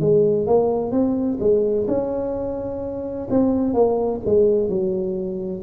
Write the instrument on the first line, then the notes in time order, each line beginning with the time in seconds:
tuba
0.00 G#3
0.46 A#3
0.91 C4
1.39 G#3
1.87 C#4
3.30 C4
3.74 A#3
4.25 G#3
4.69 F#3